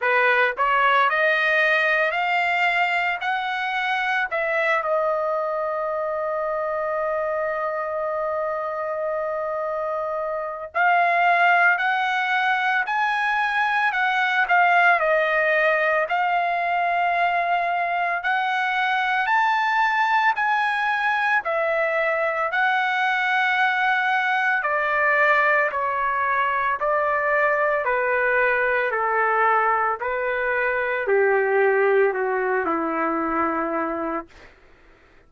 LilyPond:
\new Staff \with { instrumentName = "trumpet" } { \time 4/4 \tempo 4 = 56 b'8 cis''8 dis''4 f''4 fis''4 | e''8 dis''2.~ dis''8~ | dis''2 f''4 fis''4 | gis''4 fis''8 f''8 dis''4 f''4~ |
f''4 fis''4 a''4 gis''4 | e''4 fis''2 d''4 | cis''4 d''4 b'4 a'4 | b'4 g'4 fis'8 e'4. | }